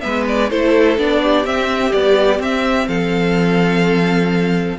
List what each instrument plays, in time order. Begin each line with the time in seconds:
0.00 cello G#3, viola B3, violin B4 E5
0.28 violin D5
0.50 cello A3, viola E4, violin A4 C5
0.97 cello B3, viola D4, violin D5
1.22 violin G4
1.44 viola C4, cello C4, violin E5
1.91 viola G3, cello B3, violin D5
2.38 viola C4, cello C4, violin E5
2.87 cello F3, violin A4 F5